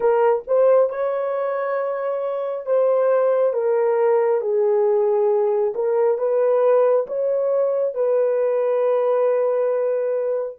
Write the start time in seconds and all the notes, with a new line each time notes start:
0.00 A#4
0.47 C5
0.89 C#5
2.66 C5
3.53 A#4
4.41 G#4
5.74 A#4
6.18 B4
7.06 C#5
7.94 B4